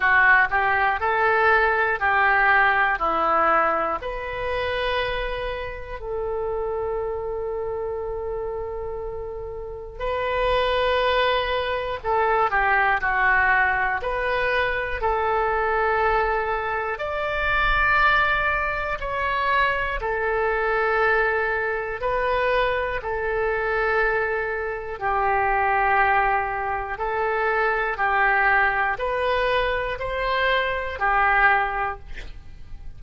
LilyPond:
\new Staff \with { instrumentName = "oboe" } { \time 4/4 \tempo 4 = 60 fis'8 g'8 a'4 g'4 e'4 | b'2 a'2~ | a'2 b'2 | a'8 g'8 fis'4 b'4 a'4~ |
a'4 d''2 cis''4 | a'2 b'4 a'4~ | a'4 g'2 a'4 | g'4 b'4 c''4 g'4 | }